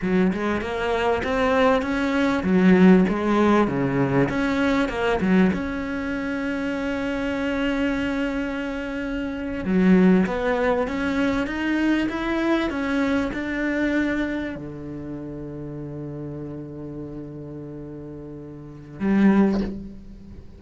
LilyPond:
\new Staff \with { instrumentName = "cello" } { \time 4/4 \tempo 4 = 98 fis8 gis8 ais4 c'4 cis'4 | fis4 gis4 cis4 cis'4 | ais8 fis8 cis'2.~ | cis'2.~ cis'8. fis16~ |
fis8. b4 cis'4 dis'4 e'16~ | e'8. cis'4 d'2 d16~ | d1~ | d2. g4 | }